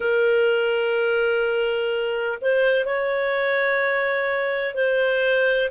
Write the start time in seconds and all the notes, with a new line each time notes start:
0.00 A#4
2.41 C5
2.85 C#5
4.74 C5